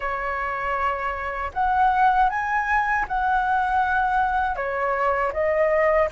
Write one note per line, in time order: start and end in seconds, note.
0.00 1.51 C#5
1.53 2.29 F#5
2.29 3.05 G#5
3.08 4.56 F#5
4.56 5.32 C#5
5.32 6.08 D#5